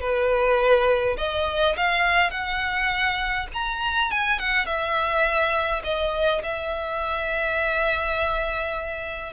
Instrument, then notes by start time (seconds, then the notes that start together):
violin
0.00 B4
1.17 D#5
1.76 F5
2.31 F#5
3.53 A#5
4.11 G#5
4.39 F#5
4.65 E5
5.84 D#5
6.43 E5